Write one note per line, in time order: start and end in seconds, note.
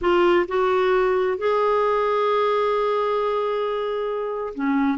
0.01 0.46 F4
0.48 1.37 F#4
1.37 4.53 G#4
4.54 4.98 C#4